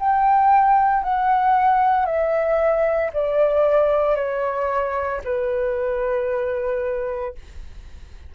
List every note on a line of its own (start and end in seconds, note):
0.00 1.03 G5
1.03 2.06 F#5
2.06 3.11 E5
3.13 4.16 D5
4.16 5.21 C#5
5.24 7.35 B4